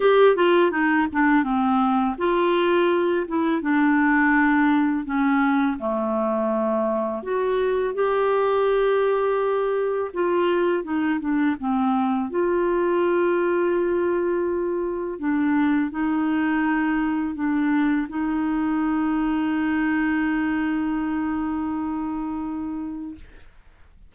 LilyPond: \new Staff \with { instrumentName = "clarinet" } { \time 4/4 \tempo 4 = 83 g'8 f'8 dis'8 d'8 c'4 f'4~ | f'8 e'8 d'2 cis'4 | a2 fis'4 g'4~ | g'2 f'4 dis'8 d'8 |
c'4 f'2.~ | f'4 d'4 dis'2 | d'4 dis'2.~ | dis'1 | }